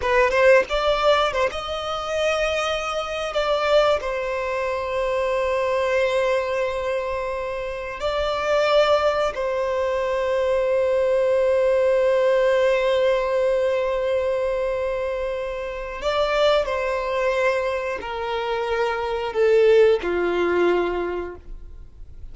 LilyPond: \new Staff \with { instrumentName = "violin" } { \time 4/4 \tempo 4 = 90 b'8 c''8 d''4 c''16 dis''4.~ dis''16~ | dis''4 d''4 c''2~ | c''1 | d''2 c''2~ |
c''1~ | c''1 | d''4 c''2 ais'4~ | ais'4 a'4 f'2 | }